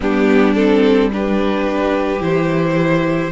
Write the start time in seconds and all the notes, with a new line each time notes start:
0.00 G3 B3 D4 G4
0.54 C4 A4
1.11 D4 G4 B4
2.19 E3 E4 C5